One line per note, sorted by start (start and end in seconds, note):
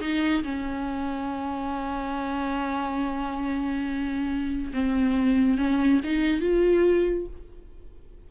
0.00 0.43 D#4
0.43 4.72 C#4
4.73 5.58 C4
5.58 6.00 C#4
6.04 6.40 D#4
6.40 7.26 F4